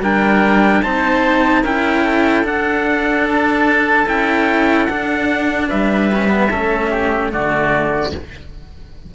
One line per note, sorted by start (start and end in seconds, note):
0.00 0.81 G3
0.00 0.84 D4
0.00 0.83 A#4
0.00 0.83 G5
0.83 1.64 C4
0.83 1.65 D#4
0.83 1.63 C5
0.83 1.64 A5
1.63 2.44 C#4
1.63 2.44 E4
1.63 2.04 A#4
1.63 2.46 G5
2.04 5.69 A4
2.44 4.06 D4
2.44 4.07 D4
2.44 3.28 F#5
3.29 4.09 A5
4.07 4.89 C#4
4.07 4.88 E4
4.07 4.86 G5
4.86 5.70 D4
4.86 6.12 D4
4.86 5.67 F#5
5.69 6.53 G3
5.69 6.50 B4
5.69 7.32 E5
6.14 6.29 C#4
6.29 6.49 B3
6.50 7.34 A3
6.50 7.31 C#4
6.50 6.90 A4
6.90 7.31 G4
7.31 8.15 D3
7.31 8.12 A3
7.31 8.14 F#4
7.31 8.14 D5